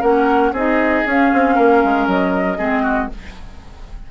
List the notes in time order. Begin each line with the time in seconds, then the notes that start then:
0.00 A#3 C#4 A#4 F#5
0.51 C4 D#4 G#4 D#5
1.06 C#4 F5
1.33 C4
1.55 A#3 A#4
1.84 G#3
2.07 F#3 D#5
2.58 G#3 C4 G#4
2.82 F#4